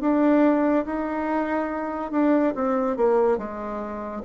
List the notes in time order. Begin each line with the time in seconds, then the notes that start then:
0.00 D4
0.85 D#4
2.11 D4
2.55 C4
2.96 A#3
3.37 G#3